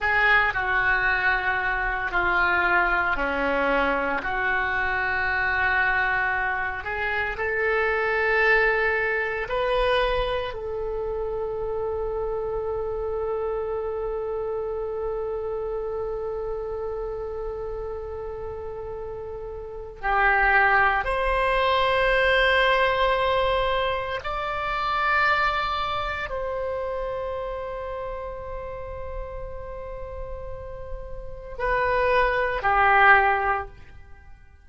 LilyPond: \new Staff \with { instrumentName = "oboe" } { \time 4/4 \tempo 4 = 57 gis'8 fis'4. f'4 cis'4 | fis'2~ fis'8 gis'8 a'4~ | a'4 b'4 a'2~ | a'1~ |
a'2. g'4 | c''2. d''4~ | d''4 c''2.~ | c''2 b'4 g'4 | }